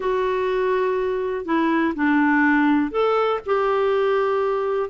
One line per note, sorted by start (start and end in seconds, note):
0.00 1.45 F#4
1.45 1.94 E4
1.95 2.91 D4
2.91 3.39 A4
3.46 4.89 G4